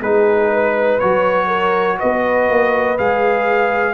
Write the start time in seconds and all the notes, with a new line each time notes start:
0.00 G#3 D#4 G#4 B4
0.52 B4
0.99 F#3 F#4 C#5
1.47 A#4
1.99 B3 B4 D#5
2.49 A#3
2.98 G#3 G#4 F5